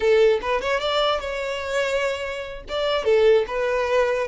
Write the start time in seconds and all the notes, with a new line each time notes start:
0.00 A4
0.41 B4
0.61 C#5
0.80 D5
1.20 C#5
2.68 D5
3.04 A4
3.47 B4